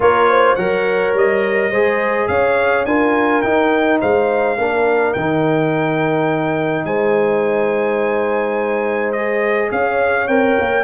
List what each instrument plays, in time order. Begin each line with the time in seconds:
0.00 tuba A#3, trombone F4, horn A#4, trumpet C#5
0.29 horn C5
0.55 tuba F#3, trombone A#4, horn C#5, trumpet F#5
1.13 tuba G3, trumpet D#5
1.70 tuba G#3, trombone G#4, horn C5
2.27 tuba C#4, horn C#5, trumpet F5
2.85 tuba D4, trombone F4, horn A#4, trumpet G#5
3.41 trombone D#4, tuba D#4, trumpet G5
4.00 tuba G#3, horn C5, trumpet F5
4.57 tuba A#3, trombone D4, horn A#4
5.13 tuba D#3, trombone D#4, trumpet G5
6.84 tuba G#3, horn C5, trumpet G#5
9.12 trombone G#4, trumpet D#5
9.71 tuba C#4, horn C#5, trumpet F5
10.27 tuba C4, trombone A#4, trumpet G5
10.59 tuba A#3